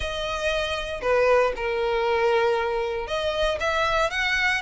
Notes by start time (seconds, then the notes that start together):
0.00 D#5
1.01 B4
1.56 A#4
3.07 D#5
3.59 E5
4.10 F#5